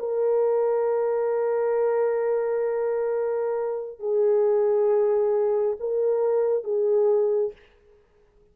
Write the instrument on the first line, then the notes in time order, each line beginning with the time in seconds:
horn
0.00 A#4
4.00 G#4
5.80 A#4
6.64 G#4